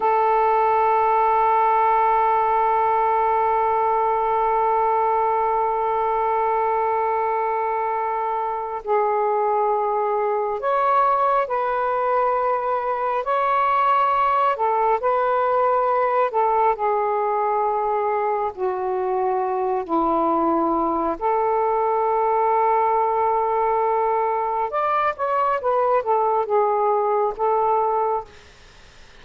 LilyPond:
\new Staff \with { instrumentName = "saxophone" } { \time 4/4 \tempo 4 = 68 a'1~ | a'1~ | a'2 gis'2 | cis''4 b'2 cis''4~ |
cis''8 a'8 b'4. a'8 gis'4~ | gis'4 fis'4. e'4. | a'1 | d''8 cis''8 b'8 a'8 gis'4 a'4 | }